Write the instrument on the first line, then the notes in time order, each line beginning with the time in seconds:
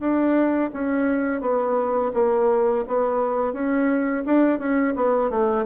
bassoon
0.00 D4
0.73 C#4
1.41 B3
2.14 A#3
2.88 B3
3.53 C#4
4.26 D4
4.59 C#4
4.96 B3
5.30 A3